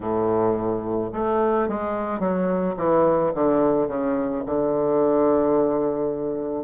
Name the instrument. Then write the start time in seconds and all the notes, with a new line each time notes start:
bassoon
0.00 A2
1.12 A3
1.68 G#3
2.19 F#3
2.76 E3
3.34 D3
3.87 C#3
4.45 D3